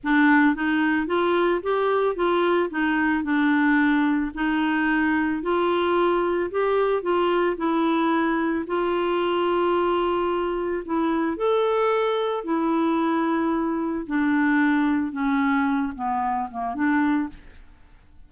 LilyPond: \new Staff \with { instrumentName = "clarinet" } { \time 4/4 \tempo 4 = 111 d'4 dis'4 f'4 g'4 | f'4 dis'4 d'2 | dis'2 f'2 | g'4 f'4 e'2 |
f'1 | e'4 a'2 e'4~ | e'2 d'2 | cis'4. b4 ais8 d'4 | }